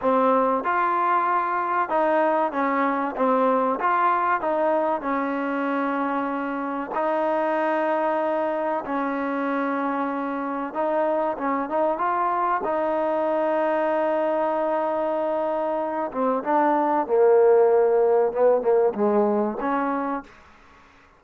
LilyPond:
\new Staff \with { instrumentName = "trombone" } { \time 4/4 \tempo 4 = 95 c'4 f'2 dis'4 | cis'4 c'4 f'4 dis'4 | cis'2. dis'4~ | dis'2 cis'2~ |
cis'4 dis'4 cis'8 dis'8 f'4 | dis'1~ | dis'4. c'8 d'4 ais4~ | ais4 b8 ais8 gis4 cis'4 | }